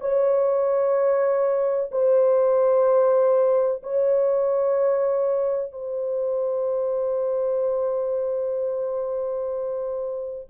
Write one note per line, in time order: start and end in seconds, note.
0.00 1.90 C#5
1.91 3.82 C5
3.83 5.72 C#5
5.72 10.48 C5